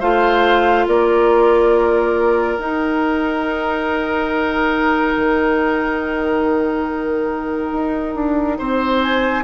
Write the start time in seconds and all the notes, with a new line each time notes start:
0.00 A3 F4 C5 F5
0.87 A#3 A#4 D5
2.58 D#4 G5
5.16 D#3
7.72 D#4
8.15 D4
8.58 C4 C5
9.01 G#5